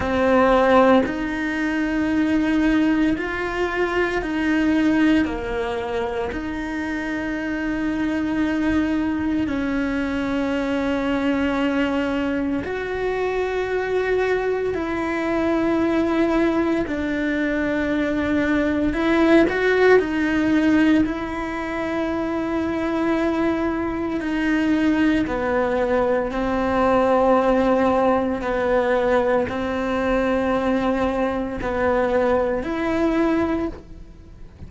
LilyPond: \new Staff \with { instrumentName = "cello" } { \time 4/4 \tempo 4 = 57 c'4 dis'2 f'4 | dis'4 ais4 dis'2~ | dis'4 cis'2. | fis'2 e'2 |
d'2 e'8 fis'8 dis'4 | e'2. dis'4 | b4 c'2 b4 | c'2 b4 e'4 | }